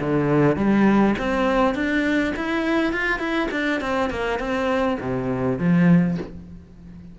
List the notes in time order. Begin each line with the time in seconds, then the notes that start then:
0.00 D3
0.57 G3
1.19 C4
1.75 D4
2.36 E4
2.93 F4
3.20 E4
3.52 D4
3.81 C4
4.10 A#3
4.39 C4
5.01 C3
5.59 F3